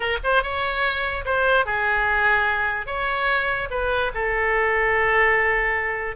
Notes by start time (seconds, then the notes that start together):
0.00 A#4
0.23 C5
0.42 C#5
1.25 C5
1.65 G#4
2.86 C#5
3.70 B4
4.14 A4